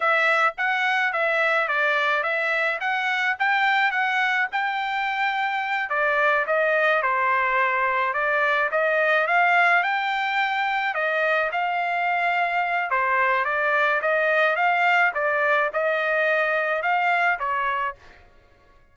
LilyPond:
\new Staff \with { instrumentName = "trumpet" } { \time 4/4 \tempo 4 = 107 e''4 fis''4 e''4 d''4 | e''4 fis''4 g''4 fis''4 | g''2~ g''8 d''4 dis''8~ | dis''8 c''2 d''4 dis''8~ |
dis''8 f''4 g''2 dis''8~ | dis''8 f''2~ f''8 c''4 | d''4 dis''4 f''4 d''4 | dis''2 f''4 cis''4 | }